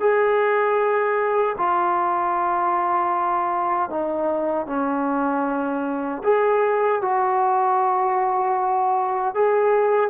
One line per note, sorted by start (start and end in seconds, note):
0.00 1.56 G#4
1.58 3.90 F4
3.90 4.66 D#4
4.66 6.22 C#4
6.23 7.01 G#4
7.01 9.34 F#4
9.34 10.10 G#4